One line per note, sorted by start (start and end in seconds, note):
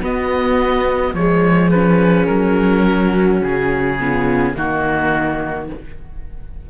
0.00 1.13 B3
0.00 1.14 F#4
0.00 1.14 D#5
1.13 2.27 F3
1.13 1.74 G#3
1.13 2.85 G#4
1.13 1.70 C#5
1.70 3.99 C#4
1.70 2.26 B4
2.26 3.41 F#3
2.26 3.40 A#4
2.85 3.98 F#4
3.41 4.54 C#3
3.41 4.56 G#4
3.99 4.55 B3
3.99 4.53 F4
4.53 5.69 D#3
4.53 5.68 A#3
4.53 5.66 D#4
4.53 5.70 F#4